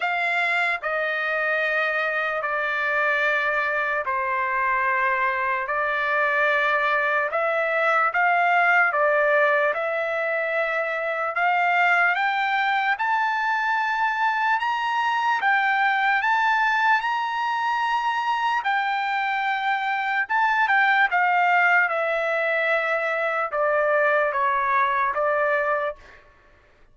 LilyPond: \new Staff \with { instrumentName = "trumpet" } { \time 4/4 \tempo 4 = 74 f''4 dis''2 d''4~ | d''4 c''2 d''4~ | d''4 e''4 f''4 d''4 | e''2 f''4 g''4 |
a''2 ais''4 g''4 | a''4 ais''2 g''4~ | g''4 a''8 g''8 f''4 e''4~ | e''4 d''4 cis''4 d''4 | }